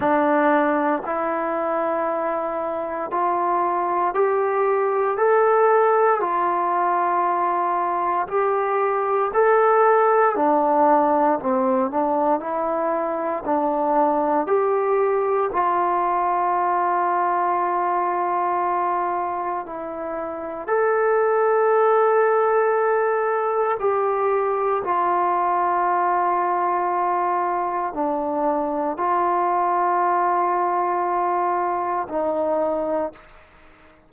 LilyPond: \new Staff \with { instrumentName = "trombone" } { \time 4/4 \tempo 4 = 58 d'4 e'2 f'4 | g'4 a'4 f'2 | g'4 a'4 d'4 c'8 d'8 | e'4 d'4 g'4 f'4~ |
f'2. e'4 | a'2. g'4 | f'2. d'4 | f'2. dis'4 | }